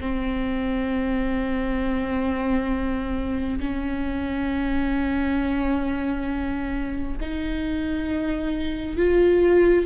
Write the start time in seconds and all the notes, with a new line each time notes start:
0.00 C4
3.59 C#4
7.20 D#4
8.97 F4